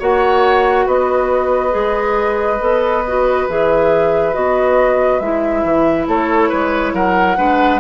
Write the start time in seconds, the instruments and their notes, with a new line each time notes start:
0.00 bassoon A#3, clarinet F#4, oboe C#5, flute F#5
0.86 bassoon B3, oboe B4, flute D#5
1.71 bassoon G#3, clarinet G#4
2.61 bassoon B3, clarinet A4
3.08 clarinet F#4
3.49 bassoon E3, clarinet G#4, flute E5
4.34 bassoon B3, clarinet F#4, flute D#5
5.20 bassoon G#3, clarinet E4, flute E5
5.64 bassoon E3
6.08 bassoon A3, oboe A4, flute C#5
6.50 bassoon G#3, oboe B4
6.94 bassoon F#3, oboe A#4, flute F#5
7.37 bassoon G#3, clarinet D4, oboe B4